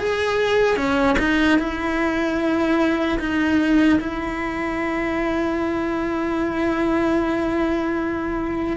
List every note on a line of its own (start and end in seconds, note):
0.00 0.77 G#4
0.77 1.17 C#4
1.19 1.59 D#4
1.59 3.19 E4
3.20 4.00 D#4
4.01 8.77 E4